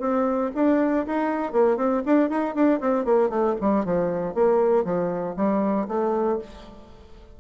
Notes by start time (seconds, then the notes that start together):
0.00 C4
0.55 D4
1.07 D#4
1.53 A#3
1.77 C4
2.06 D4
2.30 D#4
2.55 D4
2.81 C4
3.05 A#3
3.30 A3
3.61 G3
3.85 F3
4.35 A#3
4.85 F3
5.36 G3
5.88 A3